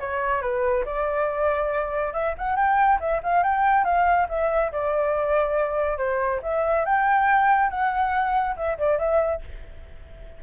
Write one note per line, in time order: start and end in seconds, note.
0.00 0.41 C#5
0.41 0.84 B4
0.85 2.13 D5
2.13 2.35 E5
2.38 2.56 F#5
2.56 2.99 G5
3.00 3.21 E5
3.23 3.43 F5
3.43 3.84 G5
3.84 4.27 F5
4.29 4.72 E5
4.72 5.98 D5
5.98 6.41 C5
6.43 6.85 E5
6.85 7.70 G5
7.70 8.56 F#5
8.56 8.78 E5
8.78 8.99 D5
8.99 9.42 E5